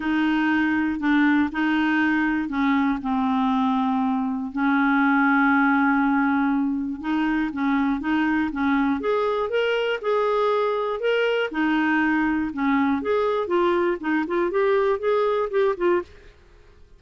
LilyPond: \new Staff \with { instrumentName = "clarinet" } { \time 4/4 \tempo 4 = 120 dis'2 d'4 dis'4~ | dis'4 cis'4 c'2~ | c'4 cis'2.~ | cis'2 dis'4 cis'4 |
dis'4 cis'4 gis'4 ais'4 | gis'2 ais'4 dis'4~ | dis'4 cis'4 gis'4 f'4 | dis'8 f'8 g'4 gis'4 g'8 f'8 | }